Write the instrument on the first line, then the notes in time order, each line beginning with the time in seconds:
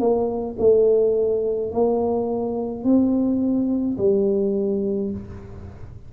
tuba
0.00 A#3
0.59 A3
1.72 A#3
2.85 C4
3.98 G3